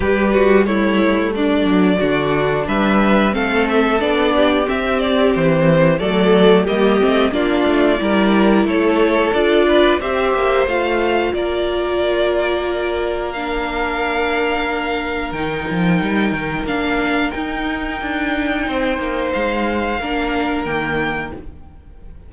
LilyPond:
<<
  \new Staff \with { instrumentName = "violin" } { \time 4/4 \tempo 4 = 90 b'4 cis''4 d''2 | e''4 f''8 e''8 d''4 e''8 d''8 | c''4 d''4 dis''4 d''4~ | d''4 cis''4 d''4 e''4 |
f''4 d''2. | f''2. g''4~ | g''4 f''4 g''2~ | g''4 f''2 g''4 | }
  \new Staff \with { instrumentName = "violin" } { \time 4/4 g'8 fis'8 e'4 d'4 fis'4 | b'4 a'4. g'4.~ | g'4 a'4 g'4 f'4 | ais'4 a'4. b'8 c''4~ |
c''4 ais'2.~ | ais'1~ | ais'1 | c''2 ais'2 | }
  \new Staff \with { instrumentName = "viola" } { \time 4/4 g4 a2 d'4~ | d'4 c'4 d'4 c'4~ | c'4 a4 ais8 c'8 d'4 | e'2 f'4 g'4 |
f'1 | d'2. dis'4~ | dis'4 d'4 dis'2~ | dis'2 d'4 ais4 | }
  \new Staff \with { instrumentName = "cello" } { \time 4/4 g2~ g8 fis8 d4 | g4 a4 b4 c'4 | e4 fis4 g8 a8 ais8 a8 | g4 a4 d'4 c'8 ais8 |
a4 ais2.~ | ais2. dis8 f8 | g8 dis8 ais4 dis'4 d'4 | c'8 ais8 gis4 ais4 dis4 | }
>>